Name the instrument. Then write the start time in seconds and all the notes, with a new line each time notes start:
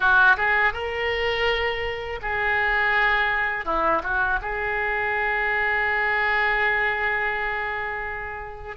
oboe
0.00 F#4
0.37 G#4
0.73 A#4
2.22 G#4
3.65 E4
4.03 F#4
4.41 G#4